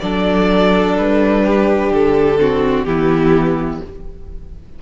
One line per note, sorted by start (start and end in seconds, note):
0.00 0.98 F#3
0.00 2.39 D4
0.00 1.45 A4
0.00 0.95 D5
0.97 1.91 G3
0.97 1.92 B4
1.45 2.40 G4
1.91 2.85 D3
1.91 2.84 A4
2.39 2.86 C4
2.39 2.87 F#4
2.84 3.81 E3
2.84 3.82 B3
2.84 3.82 E4
2.84 3.79 G4